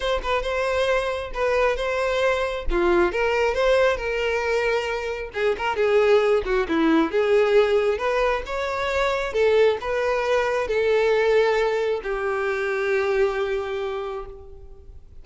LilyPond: \new Staff \with { instrumentName = "violin" } { \time 4/4 \tempo 4 = 135 c''8 b'8 c''2 b'4 | c''2 f'4 ais'4 | c''4 ais'2. | gis'8 ais'8 gis'4. fis'8 e'4 |
gis'2 b'4 cis''4~ | cis''4 a'4 b'2 | a'2. g'4~ | g'1 | }